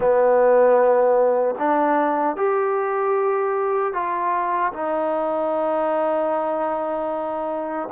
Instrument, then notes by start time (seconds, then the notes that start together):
trombone
0.00 B3
1.58 D4
2.36 G4
3.93 F4
4.73 D#4